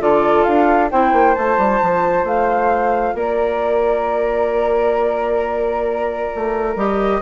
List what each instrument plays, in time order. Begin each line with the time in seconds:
0.00 bassoon D3, clarinet F4, flute A4 D5
0.43 bassoon D4, flute F5
0.91 bassoon C4, clarinet E4, flute C5 G5
1.12 bassoon A#3
1.35 bassoon A3, clarinet F4, flute A5
1.58 bassoon G3
1.82 bassoon F3
2.24 bassoon A3, flute F5
3.14 bassoon A#3, flute A#4 D5
6.35 bassoon A3
6.75 bassoon G3, clarinet G4, flute D#5